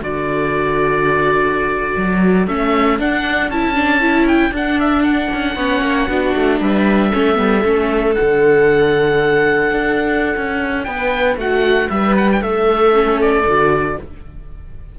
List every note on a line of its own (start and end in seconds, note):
0.00 1.95 D3
0.00 2.47 F#4
0.00 5.56 A4
0.00 2.47 D5
1.97 2.47 F#3
2.47 2.99 A3
2.47 2.99 C#4
2.47 2.99 E5
2.99 3.49 D4
2.99 3.51 D4
2.99 3.51 F#5
3.49 4.50 C#4
3.49 3.75 E4
3.49 4.27 A5
3.75 4.01 D4
4.01 4.52 E4
4.27 4.53 G5
4.50 5.28 D4
4.50 5.57 D4
4.56 4.80 F#5
4.80 5.03 E5
5.03 6.59 F#5
5.33 5.55 C#4
5.55 5.81 B3
5.55 6.10 C#4
5.55 6.07 C#5
5.81 6.07 A#3
6.07 6.34 B3
6.07 7.13 D4
6.07 6.59 F#4
6.36 6.60 A3
6.60 7.12 G3
6.60 7.10 B4
6.60 8.15 E5
7.10 7.38 A3
7.10 7.35 C#4
7.10 10.85 A4
7.35 7.64 G3
7.35 7.61 B3
7.64 8.16 A3
7.64 8.16 C#4
8.15 9.71 D3
8.15 12.93 D4
8.15 10.84 F#5
9.71 10.35 D4
10.36 10.87 C#4
10.84 11.36 B3
10.84 11.38 B4
10.84 11.36 G5
11.36 11.88 A3
11.36 11.90 F#4
11.36 11.90 F#5
11.90 12.41 G3
11.90 12.43 B4
11.90 12.15 E5
12.17 12.30 F#5
12.32 12.43 G5
12.41 13.45 A3
12.41 13.98 A4
12.41 13.20 E5
12.93 13.45 C#4
13.21 13.99 D5
13.46 13.98 D3
13.46 13.97 F#4